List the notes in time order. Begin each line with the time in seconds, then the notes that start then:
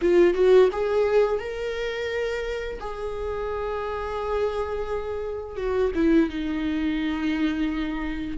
0.01 F4
0.34 F#4
0.72 G#4
1.39 A#4
2.79 G#4
5.57 F#4
5.94 E4
6.29 D#4